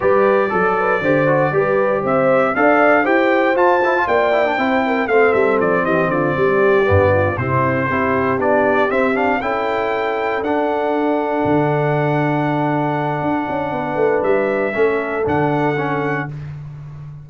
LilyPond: <<
  \new Staff \with { instrumentName = "trumpet" } { \time 4/4 \tempo 4 = 118 d''1 | e''4 f''4 g''4 a''4 | g''2 f''8 e''8 d''8 dis''8 | d''2~ d''8 c''4.~ |
c''8 d''4 e''8 f''8 g''4.~ | g''8 fis''2.~ fis''8~ | fis''1 | e''2 fis''2 | }
  \new Staff \with { instrumentName = "horn" } { \time 4/4 b'4 a'8 b'8 c''4 b'4 | c''4 d''4 c''2 | d''4 c''8 ais'8 a'4. g'8 | f'8 g'4. f'8 e'4 g'8~ |
g'2~ g'8 a'4.~ | a'1~ | a'2. b'4~ | b'4 a'2. | }
  \new Staff \with { instrumentName = "trombone" } { \time 4/4 g'4 a'4 g'8 fis'8 g'4~ | g'4 a'4 g'4 f'8 e'16 f'16~ | f'8 e'16 d'16 e'4 c'2~ | c'4. b4 c'4 e'8~ |
e'8 d'4 c'8 d'8 e'4.~ | e'8 d'2.~ d'8~ | d'1~ | d'4 cis'4 d'4 cis'4 | }
  \new Staff \with { instrumentName = "tuba" } { \time 4/4 g4 fis4 d4 g4 | c'4 d'4 e'4 f'4 | ais4 c'4 a8 g8 f8 e8 | d8 g4 g,4 c4 c'8~ |
c'8 b4 c'4 cis'4.~ | cis'8 d'2 d4.~ | d2 d'8 cis'8 b8 a8 | g4 a4 d2 | }
>>